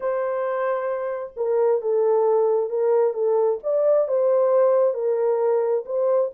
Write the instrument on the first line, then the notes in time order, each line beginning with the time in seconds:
horn
0.00 C5
1.36 A#4
1.81 A4
2.69 A#4
3.13 A4
3.63 D5
4.08 C5
4.93 A#4
5.85 C5